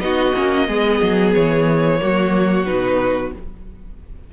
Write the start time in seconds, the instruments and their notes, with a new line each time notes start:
0.00 cello B3, viola D#4, violin F#4 D#5
0.35 cello A#3, viola C#4
0.68 cello G#3, viola B3, violin G#4
1.02 cello F#3
1.34 cello E3, violin C#5
2.00 cello F#3, viola A#3, violin F#4
2.66 cello B2, viola D#4, violin B4